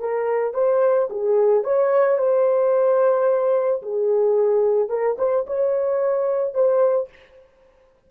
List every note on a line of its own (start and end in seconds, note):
0.00 0.54 A#4
0.54 1.09 C5
1.10 1.64 G#4
1.64 2.18 C#5
2.18 3.82 C5
3.82 4.89 G#4
4.89 5.16 A#4
5.18 5.46 C5
5.47 6.54 C#5
6.54 7.09 C5